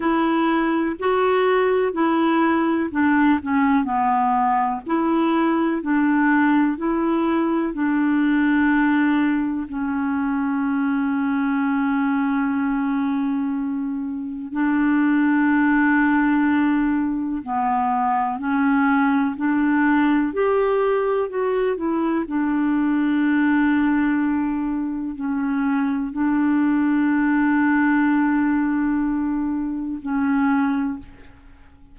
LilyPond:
\new Staff \with { instrumentName = "clarinet" } { \time 4/4 \tempo 4 = 62 e'4 fis'4 e'4 d'8 cis'8 | b4 e'4 d'4 e'4 | d'2 cis'2~ | cis'2. d'4~ |
d'2 b4 cis'4 | d'4 g'4 fis'8 e'8 d'4~ | d'2 cis'4 d'4~ | d'2. cis'4 | }